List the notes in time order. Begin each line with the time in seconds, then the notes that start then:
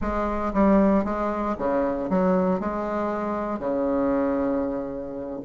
0.01 G#3
0.53 G3
1.04 G#3
1.58 C#3
2.09 F#3
2.60 G#3
3.59 C#3